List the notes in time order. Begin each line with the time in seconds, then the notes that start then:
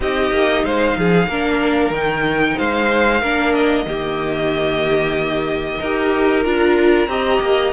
0.00 C4 D#4 G4 D#5
0.31 A#3
0.64 G#3 C5 F5
0.96 F3 G#4
1.26 A#3 D4 A#4
1.90 D#3 D#4 G5
2.57 G#3 C5 F5
3.21 A#3 D4 A#4
3.53 D#5
3.86 D#3 A#3 G4
5.79 D#4 G4 A#4
6.43 D4 F4 A#5
7.07 C4 G4 D#5
7.40 A#3